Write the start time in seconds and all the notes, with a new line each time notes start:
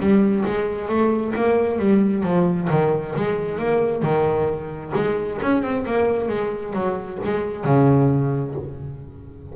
0.00 G3
0.46 G#3
0.89 A3
1.36 A#3
1.79 G3
2.24 F3
2.70 D#3
3.16 G#3
3.59 A#3
4.03 D#3
4.96 G#3
5.43 C#4
5.63 C4
5.87 A#3
6.29 G#3
6.74 F#3
7.25 G#3
7.65 C#3